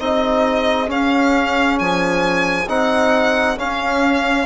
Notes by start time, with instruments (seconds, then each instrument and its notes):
0.00 bassoon C4, trombone D#4, horn G#4, violin D#5
0.87 trombone C#4, bassoon C#4, violin F5
1.79 bassoon F3, violin G#5
2.69 bassoon C4, trombone D#4, violin F#5
3.58 trombone C#4, bassoon C#4, violin F5